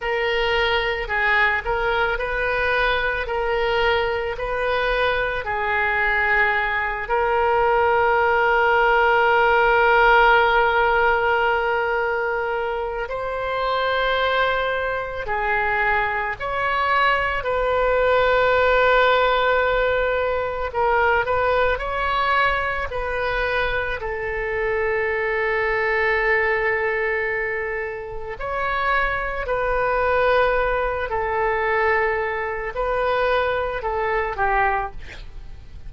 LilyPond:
\new Staff \with { instrumentName = "oboe" } { \time 4/4 \tempo 4 = 55 ais'4 gis'8 ais'8 b'4 ais'4 | b'4 gis'4. ais'4.~ | ais'1 | c''2 gis'4 cis''4 |
b'2. ais'8 b'8 | cis''4 b'4 a'2~ | a'2 cis''4 b'4~ | b'8 a'4. b'4 a'8 g'8 | }